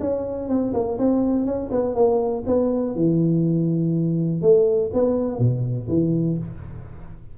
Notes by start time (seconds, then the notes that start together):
0.00 C#4
0.49 C4
0.74 A#3
0.98 C4
1.46 C#4
1.71 B3
1.95 A#3
2.47 B3
2.95 E3
4.42 A3
4.93 B3
5.39 B2
5.88 E3